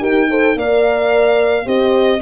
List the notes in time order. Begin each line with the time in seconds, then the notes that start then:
0.00 D#4 G4 A#4 G5
0.30 A4 C5
0.56 A#3 A#4 D5 F5
1.65 C4 G4 C5 D#5